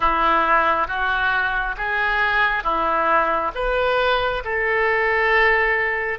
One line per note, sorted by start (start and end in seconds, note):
0.00 0.87 E4
0.87 1.75 F#4
1.76 2.63 G#4
2.63 3.51 E4
3.55 4.43 B4
4.44 6.19 A4